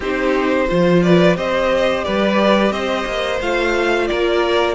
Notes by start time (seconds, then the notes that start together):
0.00 C4 D#4 G4 C5
0.68 F3 F4 C5
1.02 B4 D5
1.35 C4 G4 C5 D#5
2.03 G3 B4 D5
2.70 C4 C5 D#5
3.06 A#3
3.41 A3 F4 F5
4.07 A#3 A#4 D5